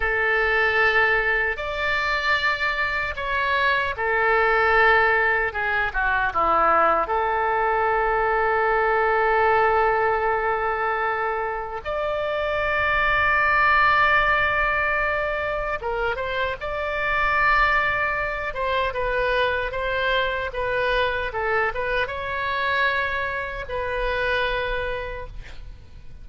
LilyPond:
\new Staff \with { instrumentName = "oboe" } { \time 4/4 \tempo 4 = 76 a'2 d''2 | cis''4 a'2 gis'8 fis'8 | e'4 a'2.~ | a'2. d''4~ |
d''1 | ais'8 c''8 d''2~ d''8 c''8 | b'4 c''4 b'4 a'8 b'8 | cis''2 b'2 | }